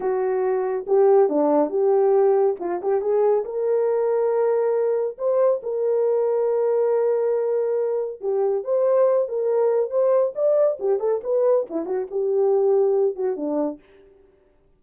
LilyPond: \new Staff \with { instrumentName = "horn" } { \time 4/4 \tempo 4 = 139 fis'2 g'4 d'4 | g'2 f'8 g'8 gis'4 | ais'1 | c''4 ais'2.~ |
ais'2. g'4 | c''4. ais'4. c''4 | d''4 g'8 a'8 b'4 e'8 fis'8 | g'2~ g'8 fis'8 d'4 | }